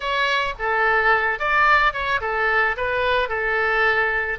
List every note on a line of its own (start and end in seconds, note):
0.00 0.54 C#5
0.58 1.39 A4
1.39 1.93 D5
1.93 2.20 C#5
2.20 2.75 A4
2.76 3.28 B4
3.28 4.38 A4